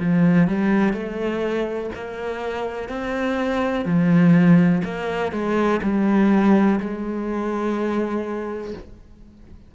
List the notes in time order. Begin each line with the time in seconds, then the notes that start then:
0.00 F3
0.48 G3
0.94 A3
1.95 A#3
2.89 C4
3.85 F3
4.85 A#3
5.32 G#3
5.83 G3
6.80 G#3